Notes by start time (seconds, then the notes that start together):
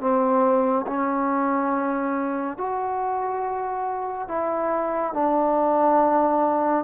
0.00 C4
0.87 C#4
2.58 F#4
4.28 E4
5.14 D4